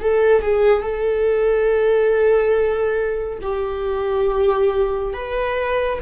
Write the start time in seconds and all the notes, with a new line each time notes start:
0.00 A4
0.42 G#4
0.81 A4
3.42 G4
5.13 B4